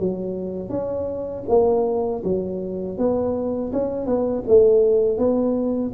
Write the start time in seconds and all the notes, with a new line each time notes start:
0.00 F#3
0.70 C#4
1.49 A#3
2.24 F#3
2.98 B3
3.73 C#4
4.07 B3
4.48 A3
5.19 B3